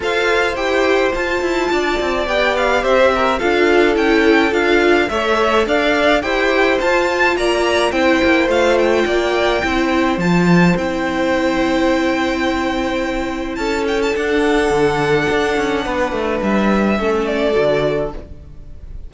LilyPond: <<
  \new Staff \with { instrumentName = "violin" } { \time 4/4 \tempo 4 = 106 f''4 g''4 a''2 | g''8 f''8 e''4 f''4 g''4 | f''4 e''4 f''4 g''4 | a''4 ais''4 g''4 f''8 g''8~ |
g''2 a''4 g''4~ | g''1 | a''8 g''16 a''16 fis''2.~ | fis''4 e''4. d''4. | }
  \new Staff \with { instrumentName = "violin" } { \time 4/4 c''2. d''4~ | d''4 c''8 ais'8 a'2~ | a'4 cis''4 d''4 c''4~ | c''4 d''4 c''2 |
d''4 c''2.~ | c''1 | a'1 | b'2 a'2 | }
  \new Staff \with { instrumentName = "viola" } { \time 4/4 a'4 g'4 f'2 | g'2 f'4 e'4 | f'4 a'2 g'4 | f'2 e'4 f'4~ |
f'4 e'4 f'4 e'4~ | e'1~ | e'4 d'2.~ | d'2 cis'4 fis'4 | }
  \new Staff \with { instrumentName = "cello" } { \time 4/4 f'4 e'4 f'8 e'8 d'8 c'8 | b4 c'4 d'4 cis'4 | d'4 a4 d'4 e'4 | f'4 ais4 c'8 ais8 a4 |
ais4 c'4 f4 c'4~ | c'1 | cis'4 d'4 d4 d'8 cis'8 | b8 a8 g4 a4 d4 | }
>>